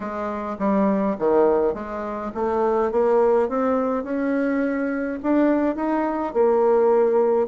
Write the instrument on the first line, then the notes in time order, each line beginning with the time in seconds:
bassoon
0.00 G#3
0.58 G3
1.18 D#3
1.74 G#3
2.34 A3
2.91 A#3
3.49 C4
4.03 C#4
5.22 D4
5.75 D#4
6.33 A#3